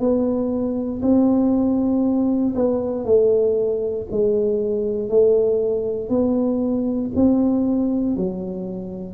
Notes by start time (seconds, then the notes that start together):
0.00 B3
1.02 C4
2.56 B3
3.05 A3
4.11 G#3
5.09 A3
6.09 B3
7.16 C4
8.17 F#3